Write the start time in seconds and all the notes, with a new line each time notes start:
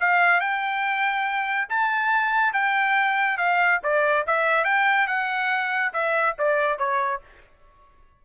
0.00 F5
0.41 G5
1.69 A5
2.53 G5
3.38 F5
3.83 D5
4.27 E5
4.65 G5
5.07 F#5
5.93 E5
6.39 D5
6.79 C#5